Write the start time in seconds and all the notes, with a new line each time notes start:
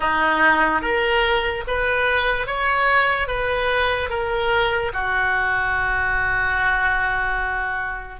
0.00 D#4
0.81 A#4
1.67 B4
2.47 C#5
3.27 B4
4.09 A#4
4.93 F#4